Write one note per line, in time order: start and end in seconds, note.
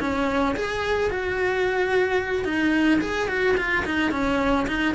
0.00 0.55 C#4
0.56 1.10 G#4
1.10 2.45 F#4
2.45 3.00 D#4
3.01 3.28 G#4
3.28 3.56 F#4
3.57 3.85 F4
3.86 4.12 D#4
4.12 4.67 C#4
4.67 4.95 D#4